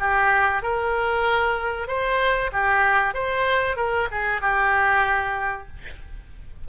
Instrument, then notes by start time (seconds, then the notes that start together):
oboe
0.00 G4
0.63 A#4
1.88 C5
2.53 G4
3.14 C5
3.77 A#4
4.12 G#4
4.42 G4